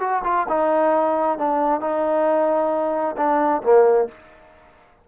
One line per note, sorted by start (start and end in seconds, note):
0.00 0.23 F#4
0.24 0.47 F4
0.49 1.39 D#4
1.39 1.81 D4
1.81 3.16 D#4
3.17 3.62 D4
3.63 4.08 A#3